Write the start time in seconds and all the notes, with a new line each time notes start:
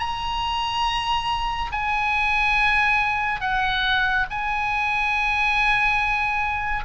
0.00 A#5
1.72 G#5
3.41 F#5
4.31 G#5